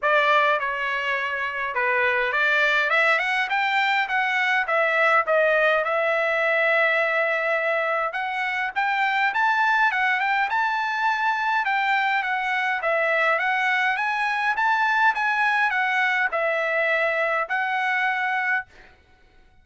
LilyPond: \new Staff \with { instrumentName = "trumpet" } { \time 4/4 \tempo 4 = 103 d''4 cis''2 b'4 | d''4 e''8 fis''8 g''4 fis''4 | e''4 dis''4 e''2~ | e''2 fis''4 g''4 |
a''4 fis''8 g''8 a''2 | g''4 fis''4 e''4 fis''4 | gis''4 a''4 gis''4 fis''4 | e''2 fis''2 | }